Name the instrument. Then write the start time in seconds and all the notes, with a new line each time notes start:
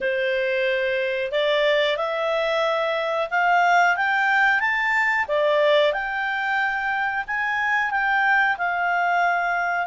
clarinet
0.00 C5
1.31 D5
1.97 E5
3.30 F5
3.96 G5
4.60 A5
5.28 D5
5.92 G5
7.27 G#5
7.91 G5
8.57 F5